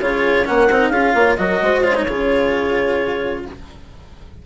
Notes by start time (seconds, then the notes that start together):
0.00 C#3 F4 G#4 C#5
0.45 A#3 C#4 A#4 F#5
0.70 C4 D#4
0.89 C#4 F4 G#4 F5
1.14 A#3 C#5
1.36 F#3 F#4 A#4 D#5
1.61 G#3 C5
1.83 F4 C#5
1.95 D#4
2.07 C#3 F4 G#4